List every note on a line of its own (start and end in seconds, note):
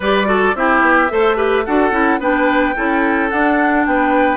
0.00 0.53 G3
0.00 0.25 G4
0.00 0.27 B4
0.00 0.55 D5
0.25 0.53 F#4
0.25 0.55 A4
0.54 0.81 C4
0.54 1.09 E4
0.54 1.12 G4
0.54 1.64 E5
0.81 1.09 B3
1.09 1.67 A3
1.09 1.36 A4
1.09 1.36 C5
1.36 1.64 G4
1.36 1.64 B4
1.64 1.91 D4
1.64 1.91 F#4
1.64 2.20 A4
1.64 2.19 F#5
1.91 2.18 C#4
1.91 2.19 E4
2.18 2.73 B3
2.18 2.75 D4
2.18 2.75 B4
2.18 3.29 G5
2.75 3.31 C#4
2.75 3.30 E4
2.75 3.86 A4
3.29 4.37 D4
3.29 3.86 D4
3.29 3.84 F#5
3.85 4.37 B3
3.85 4.37 B4
3.85 4.37 G5